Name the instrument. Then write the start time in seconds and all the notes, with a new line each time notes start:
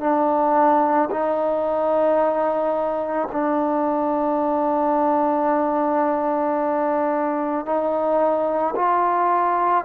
trombone
0.00 D4
1.11 D#4
3.32 D4
7.66 D#4
8.76 F4